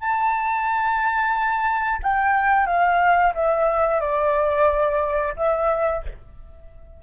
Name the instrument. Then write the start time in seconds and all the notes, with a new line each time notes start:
flute
0.00 A5
2.02 G5
2.66 F5
3.34 E5
4.00 D5
5.36 E5